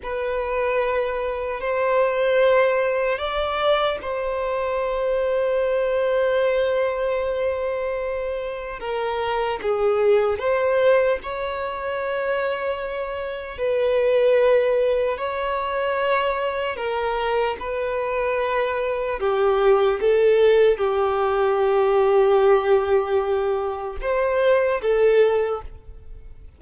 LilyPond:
\new Staff \with { instrumentName = "violin" } { \time 4/4 \tempo 4 = 75 b'2 c''2 | d''4 c''2.~ | c''2. ais'4 | gis'4 c''4 cis''2~ |
cis''4 b'2 cis''4~ | cis''4 ais'4 b'2 | g'4 a'4 g'2~ | g'2 c''4 a'4 | }